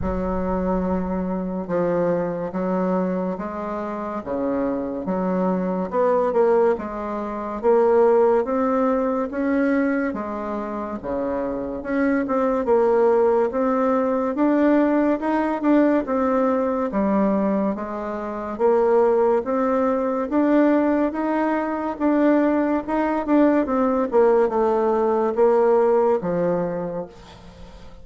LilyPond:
\new Staff \with { instrumentName = "bassoon" } { \time 4/4 \tempo 4 = 71 fis2 f4 fis4 | gis4 cis4 fis4 b8 ais8 | gis4 ais4 c'4 cis'4 | gis4 cis4 cis'8 c'8 ais4 |
c'4 d'4 dis'8 d'8 c'4 | g4 gis4 ais4 c'4 | d'4 dis'4 d'4 dis'8 d'8 | c'8 ais8 a4 ais4 f4 | }